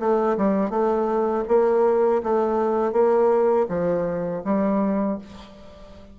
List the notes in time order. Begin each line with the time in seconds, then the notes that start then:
0.00 A3
0.37 G3
0.70 A3
1.48 A#3
2.23 A3
2.92 A#3
3.69 F3
4.44 G3